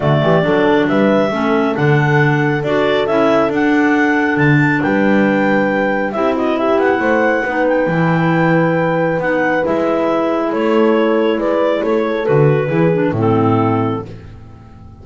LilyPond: <<
  \new Staff \with { instrumentName = "clarinet" } { \time 4/4 \tempo 4 = 137 d''2 e''2 | fis''2 d''4 e''4 | fis''2 a''4 g''4~ | g''2 e''8 dis''8 e''8 fis''8~ |
fis''4. g''2~ g''8~ | g''4 fis''4 e''2 | cis''2 d''4 cis''4 | b'2 a'2 | }
  \new Staff \with { instrumentName = "horn" } { \time 4/4 fis'8 g'8 a'4 b'4 a'4~ | a'1~ | a'2. b'4~ | b'2 g'8 fis'8 g'4 |
c''4 b'2.~ | b'1 | a'2 b'4 a'4~ | a'4 gis'4 e'2 | }
  \new Staff \with { instrumentName = "clarinet" } { \time 4/4 a4 d'2 cis'4 | d'2 fis'4 e'4 | d'1~ | d'2 e'2~ |
e'4 dis'4 e'2~ | e'4 dis'4 e'2~ | e'1 | fis'4 e'8 d'8 c'2 | }
  \new Staff \with { instrumentName = "double bass" } { \time 4/4 d8 e8 fis4 g4 a4 | d2 d'4 cis'4 | d'2 d4 g4~ | g2 c'4. b8 |
a4 b4 e2~ | e4 b4 gis2 | a2 gis4 a4 | d4 e4 a,2 | }
>>